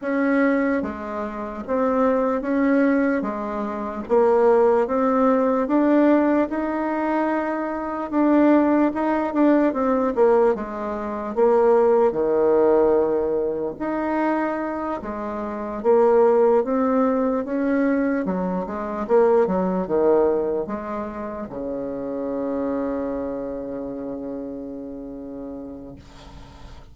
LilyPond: \new Staff \with { instrumentName = "bassoon" } { \time 4/4 \tempo 4 = 74 cis'4 gis4 c'4 cis'4 | gis4 ais4 c'4 d'4 | dis'2 d'4 dis'8 d'8 | c'8 ais8 gis4 ais4 dis4~ |
dis4 dis'4. gis4 ais8~ | ais8 c'4 cis'4 fis8 gis8 ais8 | fis8 dis4 gis4 cis4.~ | cis1 | }